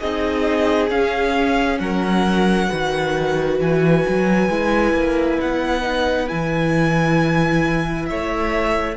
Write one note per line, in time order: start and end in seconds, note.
0.00 0.90 C4
0.00 0.90 D#4
0.00 1.79 G#4
0.00 0.90 D#5
0.90 2.69 C#4
0.90 1.79 C#4
0.90 1.79 F5
1.79 2.69 F#3
1.79 2.69 A#4
1.79 3.58 F#5
2.69 3.60 D#3
2.69 4.49 F#4
2.69 8.06 B4
3.60 4.04 E3
3.60 5.40 G#5
4.08 4.49 F#3
4.49 4.93 G#3
4.49 5.82 E4
4.93 5.38 A#3
5.40 6.31 B3
5.40 6.28 F#5
5.82 6.26 D#4
6.28 8.10 E3
6.28 8.97 E4
6.28 8.06 G#5
8.06 8.97 A3
8.06 8.97 C#5
8.06 8.95 E5